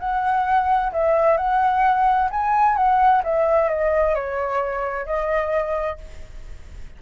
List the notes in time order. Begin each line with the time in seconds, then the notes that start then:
0.00 F#5
0.93 E5
1.38 F#5
2.31 G#5
2.77 F#5
3.24 E5
3.69 D#5
4.15 C#5
5.06 D#5